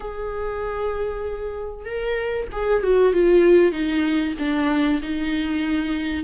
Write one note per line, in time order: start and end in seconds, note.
0.00 1.85 G#4
1.85 2.47 A#4
2.52 2.83 G#4
2.83 3.13 F#4
3.13 3.72 F4
3.72 4.34 D#4
4.38 5.01 D4
5.02 6.23 D#4